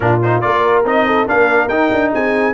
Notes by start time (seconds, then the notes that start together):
0.00 A#2 D4 F4 A#4
0.22 D#4 C5
0.40 A#3 F4 A#4 D5
0.84 C4 D#4 D#5
1.06 A4
1.26 A#3 D4 A#4 F5
1.68 D#4 G5
1.92 D4
2.14 C4 G#4 G#5